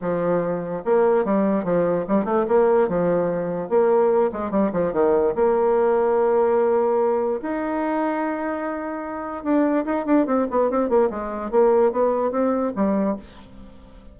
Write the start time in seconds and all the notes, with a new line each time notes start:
0.01 F3
0.84 A#3
1.25 G3
1.63 F3
2.08 G3
2.25 A3
2.48 A#3
2.88 F3
3.69 A#3
4.32 G#3
4.50 G3
4.72 F3
4.92 D#3
5.35 A#3
7.42 D#4
9.44 D4
9.85 D#4
10.05 D4
10.26 C4
10.50 B3
10.70 C4
10.89 A#3
11.10 G#3
11.50 A#3
11.92 B3
12.31 C4
12.75 G3